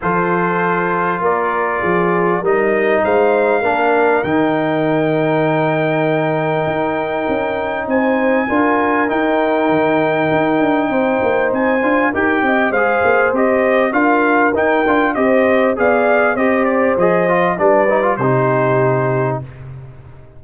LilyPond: <<
  \new Staff \with { instrumentName = "trumpet" } { \time 4/4 \tempo 4 = 99 c''2 d''2 | dis''4 f''2 g''4~ | g''1~ | g''4 gis''2 g''4~ |
g''2. gis''4 | g''4 f''4 dis''4 f''4 | g''4 dis''4 f''4 dis''8 d''8 | dis''4 d''4 c''2 | }
  \new Staff \with { instrumentName = "horn" } { \time 4/4 a'2 ais'4 gis'4 | ais'4 c''4 ais'2~ | ais'1~ | ais'4 c''4 ais'2~ |
ais'2 c''2 | ais'8 dis''8 c''2 ais'4~ | ais'4 c''4 d''4 c''4~ | c''4 b'4 g'2 | }
  \new Staff \with { instrumentName = "trombone" } { \time 4/4 f'1 | dis'2 d'4 dis'4~ | dis'1~ | dis'2 f'4 dis'4~ |
dis'2.~ dis'8 f'8 | g'4 gis'4 g'4 f'4 | dis'8 f'8 g'4 gis'4 g'4 | gis'8 f'8 d'8 dis'16 f'16 dis'2 | }
  \new Staff \with { instrumentName = "tuba" } { \time 4/4 f2 ais4 f4 | g4 gis4 ais4 dis4~ | dis2. dis'4 | cis'4 c'4 d'4 dis'4 |
dis4 dis'8 d'8 c'8 ais8 c'8 d'8 | dis'8 c'8 gis8 ais8 c'4 d'4 | dis'8 d'8 c'4 b4 c'4 | f4 g4 c2 | }
>>